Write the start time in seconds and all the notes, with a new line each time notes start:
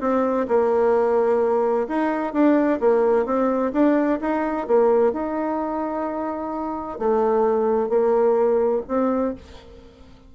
0.00 C4
0.48 A#3
1.88 D#4
2.33 D4
2.80 A#3
3.25 C4
3.73 D4
4.21 D#4
4.67 A#3
5.12 D#4
6.99 A3
7.89 A#3
8.88 C4